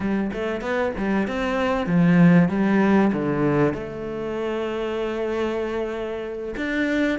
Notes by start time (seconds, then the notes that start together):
0.00 G3
0.33 A3
0.61 B3
0.97 G3
1.27 C4
1.86 F3
2.49 G3
3.12 D3
3.73 A3
6.56 D4